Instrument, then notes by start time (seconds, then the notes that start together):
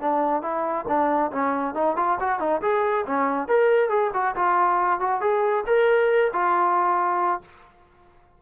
trombone
0.00 D4
0.42 E4
0.88 D4
1.31 C#4
1.74 D#4
1.96 F4
2.20 F#4
2.40 D#4
2.61 G#4
3.06 C#4
3.48 A#4
3.89 G#4
4.13 F#4
4.36 F4
5.00 F#4
5.21 G#4
5.66 A#4
6.32 F4